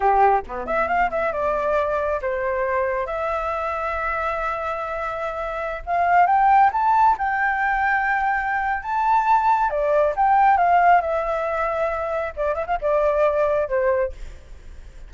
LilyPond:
\new Staff \with { instrumentName = "flute" } { \time 4/4 \tempo 4 = 136 g'4 b8 e''8 f''8 e''8 d''4~ | d''4 c''2 e''4~ | e''1~ | e''4~ e''16 f''4 g''4 a''8.~ |
a''16 g''2.~ g''8. | a''2 d''4 g''4 | f''4 e''2. | d''8 e''16 f''16 d''2 c''4 | }